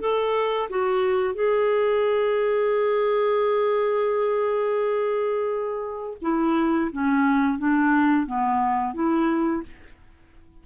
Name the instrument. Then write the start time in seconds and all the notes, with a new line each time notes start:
clarinet
0.00 A4
0.69 F#4
1.34 G#4
6.22 E4
6.92 C#4
7.58 D4
8.26 B3
8.94 E4